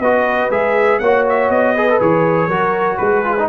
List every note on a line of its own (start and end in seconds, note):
0.00 0.50 B3
0.00 0.51 F#4
0.00 1.01 B4
0.00 0.51 D#5
0.51 1.00 G#3
0.51 1.01 G#4
0.51 1.00 E5
1.00 1.50 A#3
1.00 1.77 F#4
1.00 1.75 C#5
1.00 1.24 F#5
1.29 1.51 E5
1.50 1.99 B3
1.50 2.00 D#5
1.75 1.89 G#4
1.75 2.49 B4
1.90 2.01 A4
2.01 2.48 E3
2.01 2.50 G#4
2.01 2.98 C#5
2.48 2.98 F#3
2.48 3.25 F#4
2.48 2.98 A#4
2.98 3.49 G#3
2.98 3.49 G#4
2.98 3.47 B4
3.25 3.37 F4
3.39 3.49 D#4